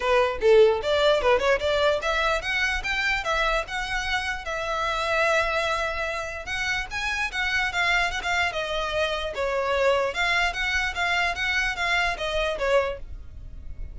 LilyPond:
\new Staff \with { instrumentName = "violin" } { \time 4/4 \tempo 4 = 148 b'4 a'4 d''4 b'8 cis''8 | d''4 e''4 fis''4 g''4 | e''4 fis''2 e''4~ | e''1 |
fis''4 gis''4 fis''4 f''4 | fis''16 f''8. dis''2 cis''4~ | cis''4 f''4 fis''4 f''4 | fis''4 f''4 dis''4 cis''4 | }